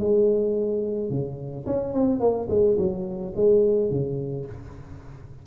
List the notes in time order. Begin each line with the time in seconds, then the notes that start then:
0.00 G#3
1.10 C#3
1.67 C#4
1.93 C4
2.20 A#3
2.50 G#3
2.78 F#3
3.36 G#3
3.90 C#3